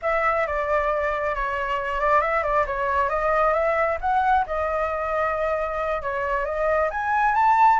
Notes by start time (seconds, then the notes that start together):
0.02 E5
0.47 D5
1.35 C#5
2.00 D5
2.21 E5
2.43 D5
2.66 C#5
3.09 D#5
3.53 E5
4.00 F#5
4.46 D#5
6.02 C#5
6.45 D#5
6.90 G#5
7.35 A5